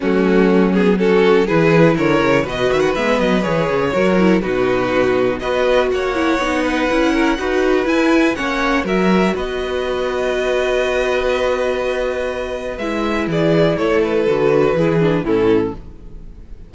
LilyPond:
<<
  \new Staff \with { instrumentName = "violin" } { \time 4/4 \tempo 4 = 122 fis'4. gis'8 a'4 b'4 | cis''4 dis''8 e''16 fis''16 e''8 dis''8 cis''4~ | cis''4 b'2 dis''4 | fis''1 |
gis''4 fis''4 e''4 dis''4~ | dis''1~ | dis''2 e''4 d''4 | cis''8 b'2~ b'8 a'4 | }
  \new Staff \with { instrumentName = "violin" } { \time 4/4 cis'2 fis'4 gis'4 | ais'4 b'2. | ais'4 fis'2 b'4 | cis''4. b'4 ais'8 b'4~ |
b'4 cis''4 ais'4 b'4~ | b'1~ | b'2. gis'4 | a'2 gis'4 e'4 | }
  \new Staff \with { instrumentName = "viola" } { \time 4/4 a4. b8 cis'4 e'4~ | e'4 fis'4 b4 gis'4 | fis'8 e'8 dis'2 fis'4~ | fis'8 e'8 dis'4 e'4 fis'4 |
e'4 cis'4 fis'2~ | fis'1~ | fis'2 e'2~ | e'4 fis'4 e'8 d'8 cis'4 | }
  \new Staff \with { instrumentName = "cello" } { \time 4/4 fis2. e4 | d8 cis8 b,8 dis8 gis8 fis8 e8 cis8 | fis4 b,2 b4 | ais4 b4 cis'4 dis'4 |
e'4 ais4 fis4 b4~ | b1~ | b2 gis4 e4 | a4 d4 e4 a,4 | }
>>